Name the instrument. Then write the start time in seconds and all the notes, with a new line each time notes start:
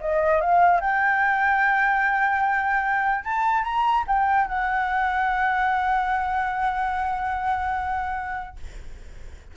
flute
0.00 D#5
0.40 F5
0.80 G5
3.24 A5
3.63 A#5
4.07 G5
4.48 F#5